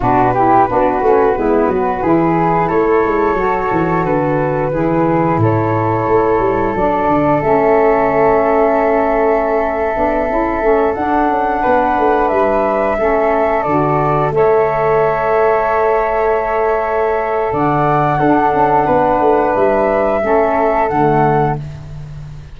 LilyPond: <<
  \new Staff \with { instrumentName = "flute" } { \time 4/4 \tempo 4 = 89 b'1 | cis''2 b'2 | cis''2 d''4 e''4~ | e''1~ |
e''16 fis''2 e''4.~ e''16~ | e''16 d''4 e''2~ e''8.~ | e''2 fis''2~ | fis''4 e''2 fis''4 | }
  \new Staff \with { instrumentName = "flute" } { \time 4/4 fis'8 g'8 fis'4 e'8 fis'8 gis'4 | a'2. gis'4 | a'1~ | a'1~ |
a'4~ a'16 b'2 a'8.~ | a'4~ a'16 cis''2~ cis''8.~ | cis''2 d''4 a'4 | b'2 a'2 | }
  \new Staff \with { instrumentName = "saxophone" } { \time 4/4 d'8 e'8 d'8 cis'8 b4 e'4~ | e'4 fis'2 e'4~ | e'2 d'4 cis'4~ | cis'2~ cis'8. d'8 e'8 cis'16~ |
cis'16 d'2. cis'8.~ | cis'16 fis'4 a'2~ a'8.~ | a'2. d'4~ | d'2 cis'4 a4 | }
  \new Staff \with { instrumentName = "tuba" } { \time 4/4 b,4 b8 a8 gis8 fis8 e4 | a8 gis8 fis8 e8 d4 e4 | a,4 a8 g8 fis8 d8 a4~ | a2~ a8. b8 cis'8 a16~ |
a16 d'8 cis'8 b8 a8 g4 a8.~ | a16 d4 a2~ a8.~ | a2 d4 d'8 cis'8 | b8 a8 g4 a4 d4 | }
>>